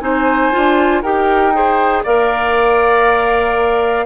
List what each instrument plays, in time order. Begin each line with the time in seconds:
0.00 bassoon C4, clarinet D#4, oboe C5, flute G#5
0.52 bassoon D4, clarinet F4
1.02 bassoon D#4, clarinet G4, oboe A#4, flute G5
1.54 clarinet G#4, oboe C5
2.03 bassoon A#3, clarinet A#4, oboe D5, flute F5